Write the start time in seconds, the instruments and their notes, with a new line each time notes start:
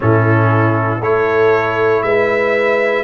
0.00 tuba A2, trombone C#4, horn E4, trumpet A4
1.00 tuba A3, trombone E4, horn A4, trumpet C#5
2.02 tuba G#3, horn B4, trumpet E5